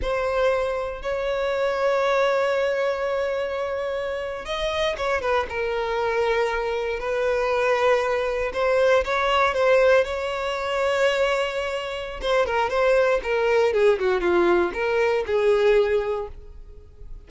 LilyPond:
\new Staff \with { instrumentName = "violin" } { \time 4/4 \tempo 4 = 118 c''2 cis''2~ | cis''1~ | cis''8. dis''4 cis''8 b'8 ais'4~ ais'16~ | ais'4.~ ais'16 b'2~ b'16~ |
b'8. c''4 cis''4 c''4 cis''16~ | cis''1 | c''8 ais'8 c''4 ais'4 gis'8 fis'8 | f'4 ais'4 gis'2 | }